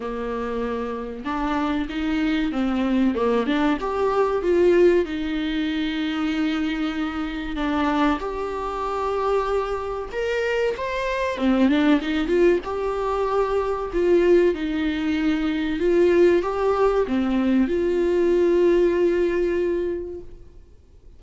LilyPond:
\new Staff \with { instrumentName = "viola" } { \time 4/4 \tempo 4 = 95 ais2 d'4 dis'4 | c'4 ais8 d'8 g'4 f'4 | dis'1 | d'4 g'2. |
ais'4 c''4 c'8 d'8 dis'8 f'8 | g'2 f'4 dis'4~ | dis'4 f'4 g'4 c'4 | f'1 | }